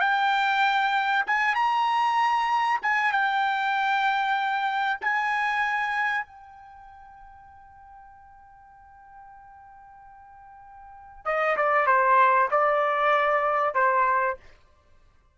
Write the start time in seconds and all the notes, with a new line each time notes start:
0.00 G5
1.26 G#5
1.55 A#5
2.82 G#5
3.12 G5
5.01 G#5
6.25 G5
11.25 D#5
11.56 D5
11.86 C5
12.51 D5
13.74 C5